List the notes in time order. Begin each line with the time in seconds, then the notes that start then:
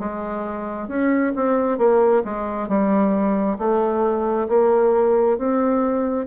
0.00 G#3
0.89 C#4
1.36 C4
1.79 A#3
2.25 G#3
2.69 G3
3.59 A3
4.49 A#3
5.39 C4